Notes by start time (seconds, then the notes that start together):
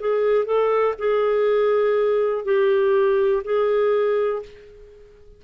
0.00 G#4
0.45 A4
0.98 G#4
2.45 G4
3.44 G#4